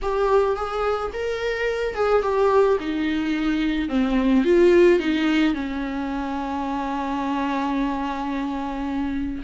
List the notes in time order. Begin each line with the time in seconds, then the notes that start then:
0.02 G4
0.56 G#4
1.13 A#4
1.94 G#4
2.22 G4
2.80 D#4
3.89 C4
4.44 F4
4.99 D#4
5.54 C#4